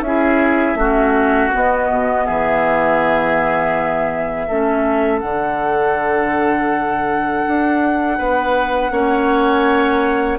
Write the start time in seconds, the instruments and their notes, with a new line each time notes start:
0.00 bassoon C#4, clarinet E4, oboe G#4, flute E5
0.74 bassoon A3, clarinet C#4, oboe F#4
1.51 clarinet B3, bassoon B3, flute D#5
1.90 bassoon B2
2.25 bassoon E3, oboe G#4, flute E5
4.47 bassoon A3, clarinet C#4, oboe A4
5.19 bassoon D3, clarinet D4, flute F#5
7.47 bassoon D4
8.17 bassoon B3, oboe B4
8.91 bassoon A#3, clarinet C#4, oboe C#5